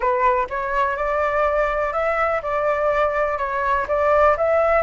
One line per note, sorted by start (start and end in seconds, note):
0.00 0.47 B4
0.49 0.96 C#5
0.96 1.92 D5
1.92 2.41 E5
2.42 3.38 D5
3.38 3.86 C#5
3.88 4.36 D5
4.37 4.83 E5